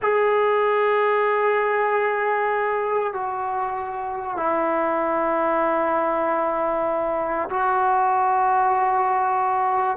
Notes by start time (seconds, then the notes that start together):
0.02 G#4
3.12 F#4
4.36 E4
7.49 F#4